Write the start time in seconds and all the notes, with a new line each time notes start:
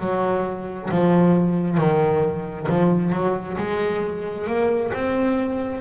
0.00 F#3
0.91 F3
1.78 D#3
2.69 F3
3.13 F#3
3.58 G#3
4.47 A#3
4.94 C4